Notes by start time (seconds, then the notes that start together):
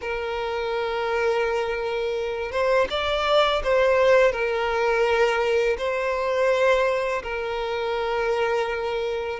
0.01 A#4
2.51 C5
2.89 D5
3.63 C5
4.32 A#4
5.77 C5
7.23 A#4